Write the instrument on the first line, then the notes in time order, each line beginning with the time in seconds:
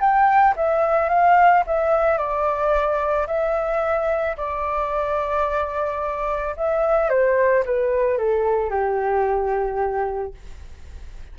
flute
0.00 G5
0.57 E5
1.09 F5
1.67 E5
2.18 D5
3.27 E5
4.37 D5
6.57 E5
7.09 C5
7.65 B4
8.18 A4
8.70 G4